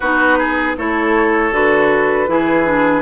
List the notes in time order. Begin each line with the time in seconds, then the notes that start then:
0.00 B3 D#4 F#4 B4
0.38 G#4
0.77 A3 E4 A4 C#5
1.51 D3 F#4 B4
2.27 E3 E4 G#4
2.66 D4